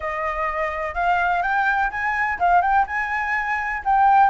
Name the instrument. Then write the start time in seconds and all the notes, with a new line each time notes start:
flute
0.00 D#5
0.94 F5
1.42 G5
1.90 G#5
2.39 F5
2.61 G5
2.86 G#5
3.84 G5